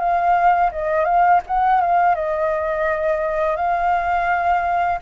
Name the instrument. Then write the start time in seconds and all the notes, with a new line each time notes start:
flute
0.00 F5
0.72 D#5
1.05 F5
1.47 F#5
1.81 F5
2.16 D#5
3.57 F5